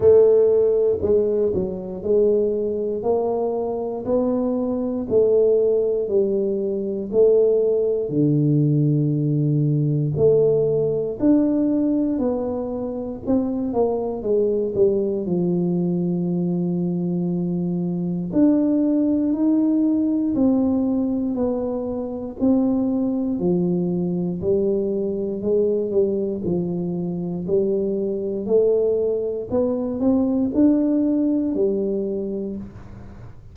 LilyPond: \new Staff \with { instrumentName = "tuba" } { \time 4/4 \tempo 4 = 59 a4 gis8 fis8 gis4 ais4 | b4 a4 g4 a4 | d2 a4 d'4 | b4 c'8 ais8 gis8 g8 f4~ |
f2 d'4 dis'4 | c'4 b4 c'4 f4 | g4 gis8 g8 f4 g4 | a4 b8 c'8 d'4 g4 | }